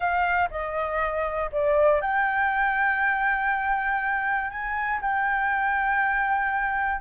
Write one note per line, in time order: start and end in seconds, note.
0.00 0.48 F5
0.50 1.50 D#5
1.51 2.01 D5
2.01 4.50 G5
4.50 5.00 G#5
5.01 7.01 G5